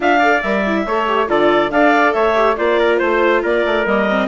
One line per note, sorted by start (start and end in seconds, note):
0.00 0.41 D4
0.00 0.21 F4
0.00 0.18 E5
0.00 0.41 F5
0.18 0.42 A4
0.18 0.83 D5
0.41 0.85 G3
0.41 0.64 A#4
0.41 1.27 E5
0.66 0.87 E4
0.85 1.27 A3
0.85 1.06 A4
0.85 1.29 C#5
1.06 1.27 G4
1.27 1.70 D3
1.27 1.70 F4
1.27 1.72 A4
1.27 1.71 D5
1.70 2.13 D4
1.70 2.35 A4
1.70 2.14 D5
1.70 2.13 F5
2.13 2.57 A3
2.13 2.57 C#5
2.13 2.55 E5
2.35 2.56 G4
2.56 3.00 A#3
2.56 3.85 F4
2.56 2.79 C5
2.56 2.97 D5
2.79 2.99 A#4
2.97 3.43 A3
2.97 3.40 C5
2.97 3.42 C5
3.42 3.64 A#3
3.42 4.28 A#4
3.42 3.86 D5
3.65 3.85 A3
3.85 4.28 G3
3.85 4.07 A#3
3.85 4.28 D#5
4.09 4.28 C4